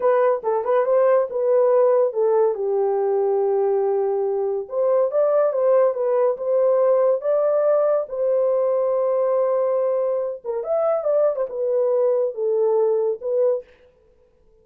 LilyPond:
\new Staff \with { instrumentName = "horn" } { \time 4/4 \tempo 4 = 141 b'4 a'8 b'8 c''4 b'4~ | b'4 a'4 g'2~ | g'2. c''4 | d''4 c''4 b'4 c''4~ |
c''4 d''2 c''4~ | c''1~ | c''8 ais'8 e''4 d''8. c''16 b'4~ | b'4 a'2 b'4 | }